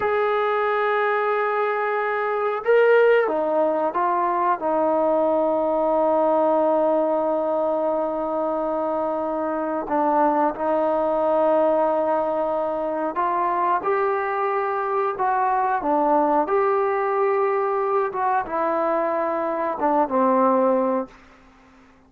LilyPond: \new Staff \with { instrumentName = "trombone" } { \time 4/4 \tempo 4 = 91 gis'1 | ais'4 dis'4 f'4 dis'4~ | dis'1~ | dis'2. d'4 |
dis'1 | f'4 g'2 fis'4 | d'4 g'2~ g'8 fis'8 | e'2 d'8 c'4. | }